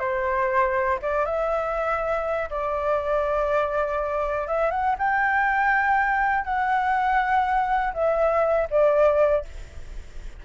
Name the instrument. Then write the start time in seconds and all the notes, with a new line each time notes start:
flute
0.00 C5
1.02 D5
1.25 E5
2.50 D5
4.48 E5
4.71 F#5
4.98 G5
6.45 F#5
7.94 E5
8.70 D5